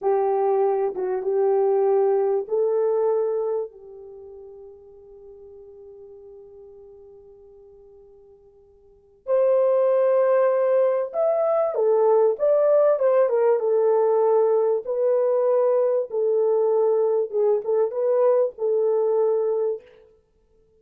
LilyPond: \new Staff \with { instrumentName = "horn" } { \time 4/4 \tempo 4 = 97 g'4. fis'8 g'2 | a'2 g'2~ | g'1~ | g'2. c''4~ |
c''2 e''4 a'4 | d''4 c''8 ais'8 a'2 | b'2 a'2 | gis'8 a'8 b'4 a'2 | }